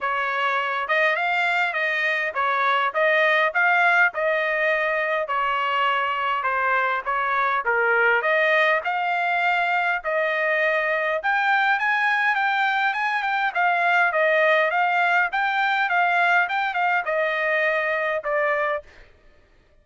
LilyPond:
\new Staff \with { instrumentName = "trumpet" } { \time 4/4 \tempo 4 = 102 cis''4. dis''8 f''4 dis''4 | cis''4 dis''4 f''4 dis''4~ | dis''4 cis''2 c''4 | cis''4 ais'4 dis''4 f''4~ |
f''4 dis''2 g''4 | gis''4 g''4 gis''8 g''8 f''4 | dis''4 f''4 g''4 f''4 | g''8 f''8 dis''2 d''4 | }